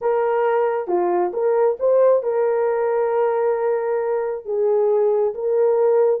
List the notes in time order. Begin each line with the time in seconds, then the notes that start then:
0.01 A#4
0.87 F4
1.33 A#4
1.79 C5
2.22 A#4
4.45 G#4
5.34 A#4